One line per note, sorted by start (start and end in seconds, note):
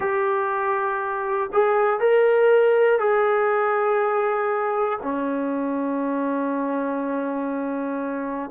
0.00 1.50 G4
1.52 2.00 G#4
2.00 2.99 A#4
2.99 4.99 G#4
5.02 8.50 C#4